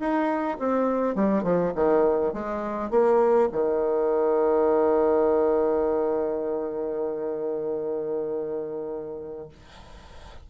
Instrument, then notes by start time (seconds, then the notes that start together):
bassoon
0.00 D#4
0.59 C4
1.15 G3
1.43 F3
1.76 D#3
2.33 G#3
2.90 A#3
3.52 D#3